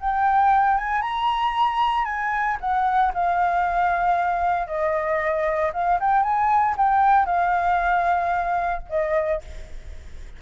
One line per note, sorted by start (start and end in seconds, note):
0.00 0.78 G5
0.78 1.02 G#5
1.02 2.05 A#5
2.05 2.57 G#5
2.60 3.13 F#5
3.14 4.67 F5
4.67 5.72 D#5
5.73 5.99 F5
6.00 6.23 G5
6.23 6.75 G#5
6.77 7.25 G5
7.25 8.82 F5
8.89 9.42 D#5